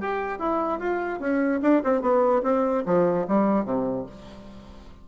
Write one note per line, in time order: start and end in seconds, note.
0.00 0.39 G4
0.39 0.79 E4
0.79 1.20 F4
1.20 1.60 C#4
1.62 1.82 D4
1.84 2.01 C4
2.01 2.42 B3
2.43 2.83 C4
2.86 3.27 F3
3.28 3.65 G3
3.65 4.06 C3